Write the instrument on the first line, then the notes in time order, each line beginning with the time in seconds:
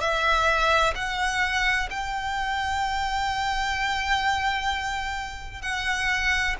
violin
0.00 E5
0.95 F#5
1.90 G5
5.62 F#5